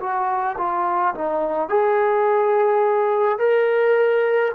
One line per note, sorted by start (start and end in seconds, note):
0.00 0.57 F#4
0.58 1.15 F4
1.15 1.69 D#4
1.69 3.39 G#4
3.39 4.52 A#4